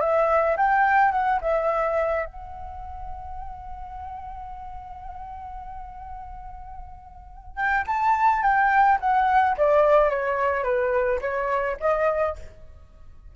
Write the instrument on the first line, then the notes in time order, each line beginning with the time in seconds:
flute
0.00 E5
0.56 G5
1.11 F#5
1.41 E5
2.25 F#5
7.56 G5
7.86 A5
8.42 G5
9.00 F#5
9.57 D5
10.10 C#5
10.63 B4
11.21 C#5
11.80 D#5